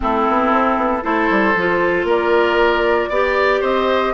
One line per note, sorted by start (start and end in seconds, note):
0.00 0.28 A3
0.00 1.02 C4
0.00 1.04 E4
0.00 1.03 A4
0.28 0.52 B3
0.52 0.76 C4
0.76 1.02 B3
1.02 1.30 A3
1.02 1.54 E4
1.02 2.06 A4
1.02 2.07 C5
1.30 1.54 G3
1.54 2.04 F3
1.54 3.12 F4
2.04 3.07 A#3
2.04 3.09 A#4
2.04 3.64 D5
3.09 3.61 B3
3.09 4.13 G4
3.09 3.60 D5
3.60 4.13 C4
3.60 4.12 C5
3.60 4.13 D#5